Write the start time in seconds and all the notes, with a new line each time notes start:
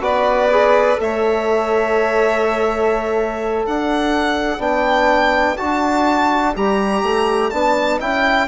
0.00 B3 F#4 B4 D5
0.51 G#4
0.97 A3 A4 C#5 E5
3.65 D4 D5 F#5
4.58 B3 D4 G5
5.57 D4 F#4 A5
6.55 G3 G4 A#5
7.03 A3
7.50 B3 D4 A5
7.99 C#4 E4 G5